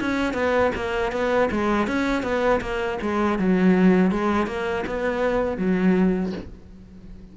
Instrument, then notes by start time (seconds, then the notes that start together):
cello
0.00 C#4
0.34 B3
0.75 A#3
1.12 B3
1.51 G#3
1.87 C#4
2.23 B3
2.61 A#3
3.02 G#3
3.39 F#3
4.11 G#3
4.47 A#3
4.86 B3
5.58 F#3